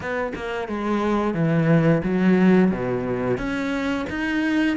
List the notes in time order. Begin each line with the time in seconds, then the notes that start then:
0.00 B3
0.35 A#3
0.68 G#3
1.34 E3
2.03 F#3
2.71 B2
3.37 C#4
4.09 D#4